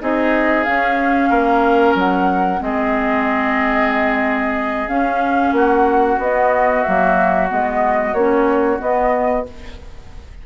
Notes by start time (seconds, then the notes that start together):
0.00 C4 D#4 G#4 D#5
0.63 C#4 F5
1.29 A#3 A#4
1.94 F#3 F#5
2.59 G#3 C4 G#4 D#5
4.87 C#4 F5
5.52 A#3 F#4 F#5
6.18 B3 D#5
6.82 F#3 A#3 E5
7.49 G#3 B3 D#5
8.13 A#3 C#4 C#5
8.79 B3 D#5